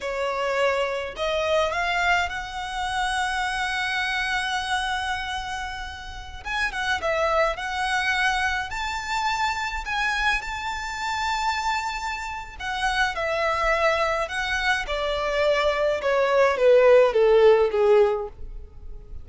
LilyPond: \new Staff \with { instrumentName = "violin" } { \time 4/4 \tempo 4 = 105 cis''2 dis''4 f''4 | fis''1~ | fis''2.~ fis''16 gis''8 fis''16~ | fis''16 e''4 fis''2 a''8.~ |
a''4~ a''16 gis''4 a''4.~ a''16~ | a''2 fis''4 e''4~ | e''4 fis''4 d''2 | cis''4 b'4 a'4 gis'4 | }